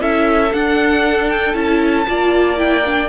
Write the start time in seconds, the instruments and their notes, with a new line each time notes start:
0.00 cello C#4, viola E4, violin A4 E5
0.54 cello D4, viola D4, violin F#5
1.30 violin G5
1.54 cello C#4, viola E4, violin A5
2.08 cello A#3, viola F4, violin D5
2.57 viola E4, violin G5
2.86 viola D4